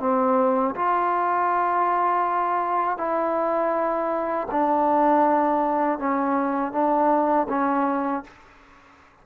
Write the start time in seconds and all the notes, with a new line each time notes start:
0.00 C4
0.75 F4
2.98 E4
4.52 D4
5.99 C#4
6.72 D4
7.49 C#4